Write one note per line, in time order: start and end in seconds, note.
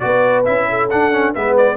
0.00 0.48 B3
0.00 0.45 F#4
0.00 0.69 B4
0.00 0.44 D5
0.46 0.92 C#4
0.46 0.90 E4
0.46 0.90 E5
0.70 1.35 A4
0.91 1.12 D4
0.91 1.36 D4
0.91 1.35 F#5
1.12 1.35 C#4
1.35 1.77 G#3
1.35 1.77 B3
1.35 1.77 B4
1.35 1.57 E5
1.58 1.77 D5